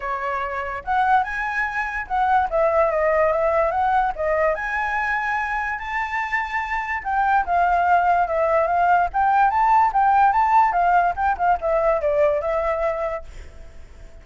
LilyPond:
\new Staff \with { instrumentName = "flute" } { \time 4/4 \tempo 4 = 145 cis''2 fis''4 gis''4~ | gis''4 fis''4 e''4 dis''4 | e''4 fis''4 dis''4 gis''4~ | gis''2 a''2~ |
a''4 g''4 f''2 | e''4 f''4 g''4 a''4 | g''4 a''4 f''4 g''8 f''8 | e''4 d''4 e''2 | }